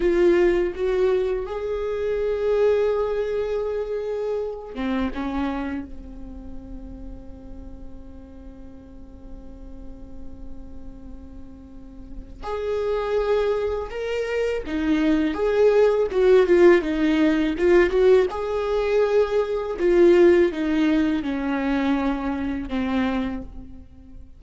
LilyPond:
\new Staff \with { instrumentName = "viola" } { \time 4/4 \tempo 4 = 82 f'4 fis'4 gis'2~ | gis'2~ gis'8 c'8 cis'4 | c'1~ | c'1~ |
c'4 gis'2 ais'4 | dis'4 gis'4 fis'8 f'8 dis'4 | f'8 fis'8 gis'2 f'4 | dis'4 cis'2 c'4 | }